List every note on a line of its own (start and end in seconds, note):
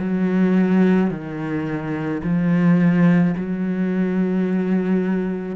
0.00 1.11 F#3
1.11 2.22 D#3
2.24 3.35 F3
3.37 5.56 F#3